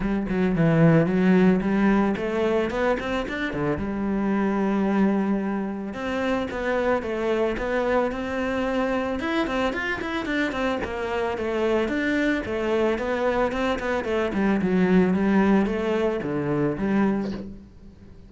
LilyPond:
\new Staff \with { instrumentName = "cello" } { \time 4/4 \tempo 4 = 111 g8 fis8 e4 fis4 g4 | a4 b8 c'8 d'8 d8 g4~ | g2. c'4 | b4 a4 b4 c'4~ |
c'4 e'8 c'8 f'8 e'8 d'8 c'8 | ais4 a4 d'4 a4 | b4 c'8 b8 a8 g8 fis4 | g4 a4 d4 g4 | }